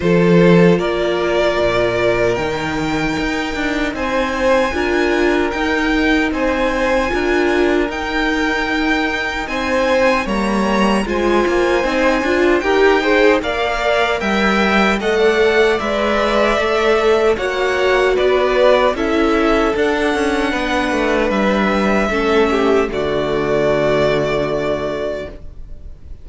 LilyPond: <<
  \new Staff \with { instrumentName = "violin" } { \time 4/4 \tempo 4 = 76 c''4 d''2 g''4~ | g''4 gis''2 g''4 | gis''2 g''2 | gis''4 ais''4 gis''2 |
g''4 f''4 g''4 fis''4 | e''2 fis''4 d''4 | e''4 fis''2 e''4~ | e''4 d''2. | }
  \new Staff \with { instrumentName = "violin" } { \time 4/4 a'4 ais'2.~ | ais'4 c''4 ais'2 | c''4 ais'2. | c''4 cis''4 c''2 |
ais'8 c''8 d''4 e''4 dis''16 d''8.~ | d''2 cis''4 b'4 | a'2 b'2 | a'8 g'8 fis'2. | }
  \new Staff \with { instrumentName = "viola" } { \time 4/4 f'2. dis'4~ | dis'2 f'4 dis'4~ | dis'4 f'4 dis'2~ | dis'4 ais4 f'4 dis'8 f'8 |
g'8 gis'8 ais'2 a'4 | b'4 a'4 fis'2 | e'4 d'2. | cis'4 a2. | }
  \new Staff \with { instrumentName = "cello" } { \time 4/4 f4 ais4 ais,4 dis4 | dis'8 d'8 c'4 d'4 dis'4 | c'4 d'4 dis'2 | c'4 g4 gis8 ais8 c'8 d'8 |
dis'4 ais4 g4 a4 | gis4 a4 ais4 b4 | cis'4 d'8 cis'8 b8 a8 g4 | a4 d2. | }
>>